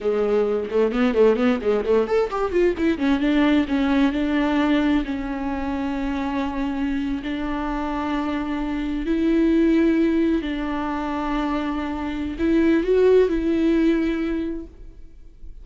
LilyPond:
\new Staff \with { instrumentName = "viola" } { \time 4/4 \tempo 4 = 131 gis4. a8 b8 a8 b8 gis8 | a8 a'8 g'8 f'8 e'8 cis'8 d'4 | cis'4 d'2 cis'4~ | cis'2.~ cis'8. d'16~ |
d'2.~ d'8. e'16~ | e'2~ e'8. d'4~ d'16~ | d'2. e'4 | fis'4 e'2. | }